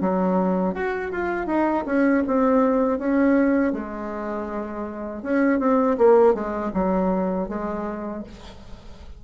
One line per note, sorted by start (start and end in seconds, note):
0.00 0.74 F#3
0.74 1.11 F#4
1.11 1.46 F4
1.46 1.84 D#4
1.85 2.23 C#4
2.27 2.98 C4
2.98 3.72 C#4
3.72 5.22 G#3
5.22 5.59 C#4
5.59 5.97 C4
5.97 6.34 A#3
6.34 6.71 G#3
6.73 7.48 F#3
7.48 8.23 G#3